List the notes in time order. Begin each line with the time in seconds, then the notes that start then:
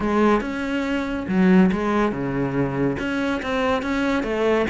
0.00 G#3
0.40 C#4
1.28 F#3
1.71 G#3
2.12 C#3
2.99 C#4
3.42 C4
3.82 C#4
4.23 A3